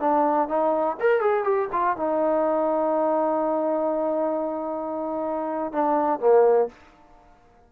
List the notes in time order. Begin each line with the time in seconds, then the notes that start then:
0.00 D4
0.48 D#4
1.01 A#4
1.21 G#4
1.44 G4
1.73 F4
1.97 D#4
5.73 D4
6.20 A#3